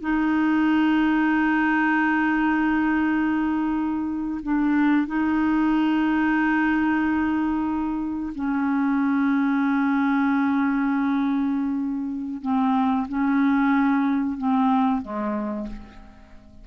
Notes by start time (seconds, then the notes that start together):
0.00 D#4
4.42 D4
5.07 D#4
8.35 C#4
12.42 C4
13.08 C#4
14.37 C4
15.01 G#3